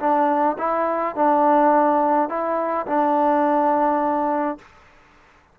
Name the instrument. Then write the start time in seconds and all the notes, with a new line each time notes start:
trombone
0.00 D4
0.59 E4
1.16 D4
2.30 E4
2.87 D4